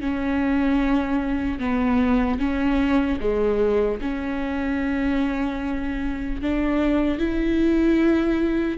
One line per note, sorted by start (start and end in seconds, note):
0.00 1.59 C#4
1.59 2.39 B3
2.39 3.19 C#4
3.20 4.00 G#3
4.01 6.41 C#4
6.41 7.18 D4
7.18 8.77 E4